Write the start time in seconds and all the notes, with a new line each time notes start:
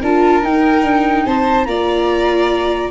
0.00 D4 F4 A#4 A5
0.42 D#4 G5
0.83 D4
1.26 C4 C5 A5
1.65 A#3 F4 D5 A#5